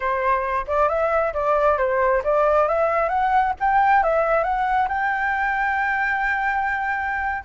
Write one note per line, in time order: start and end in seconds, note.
0.00 0.65 C5
0.67 0.88 D5
0.88 1.33 E5
1.33 1.78 D5
1.78 2.22 C5
2.23 2.68 D5
2.68 3.08 E5
3.08 3.53 F#5
3.59 4.03 G5
4.03 4.43 E5
4.43 4.88 F#5
4.88 7.43 G5